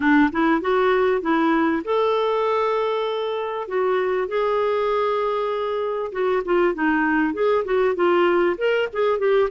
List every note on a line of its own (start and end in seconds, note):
0.00 0.30 D4
0.31 0.61 E4
0.61 1.21 F#4
1.21 1.82 E4
1.84 3.68 A4
3.68 4.27 F#4
4.27 6.11 G#4
6.12 6.42 F#4
6.44 6.74 F4
6.74 7.33 D#4
7.33 7.64 G#4
7.64 7.95 F#4
7.95 8.56 F4
8.57 8.88 A#4
8.92 9.18 G#4
9.18 9.49 G4